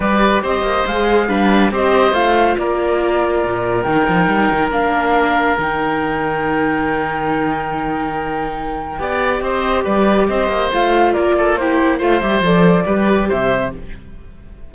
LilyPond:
<<
  \new Staff \with { instrumentName = "flute" } { \time 4/4 \tempo 4 = 140 d''4 dis''4 f''2 | dis''4 f''4 d''2~ | d''4 g''2 f''4~ | f''4 g''2.~ |
g''1~ | g''2 dis''4 d''4 | dis''4 f''4 d''4 c''4 | f''8 e''8 d''2 e''4 | }
  \new Staff \with { instrumentName = "oboe" } { \time 4/4 b'4 c''2 b'4 | c''2 ais'2~ | ais'1~ | ais'1~ |
ais'1~ | ais'4 d''4 c''4 b'4 | c''2 ais'8 a'8 g'4 | c''2 b'4 c''4 | }
  \new Staff \with { instrumentName = "viola" } { \time 4/4 g'2 gis'4 d'4 | g'4 f'2.~ | f'4 dis'2 d'4~ | d'4 dis'2.~ |
dis'1~ | dis'4 g'2.~ | g'4 f'2 e'4 | f'8 g'8 a'4 g'2 | }
  \new Staff \with { instrumentName = "cello" } { \time 4/4 g4 c'8 ais8 gis4 g4 | c'4 a4 ais2 | ais,4 dis8 f8 g8 dis8 ais4~ | ais4 dis2.~ |
dis1~ | dis4 b4 c'4 g4 | c'8 ais8 a4 ais2 | a8 g8 f4 g4 c4 | }
>>